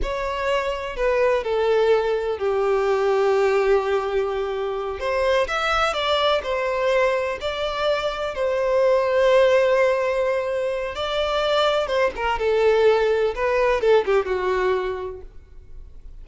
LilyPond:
\new Staff \with { instrumentName = "violin" } { \time 4/4 \tempo 4 = 126 cis''2 b'4 a'4~ | a'4 g'2.~ | g'2~ g'8 c''4 e''8~ | e''8 d''4 c''2 d''8~ |
d''4. c''2~ c''8~ | c''2. d''4~ | d''4 c''8 ais'8 a'2 | b'4 a'8 g'8 fis'2 | }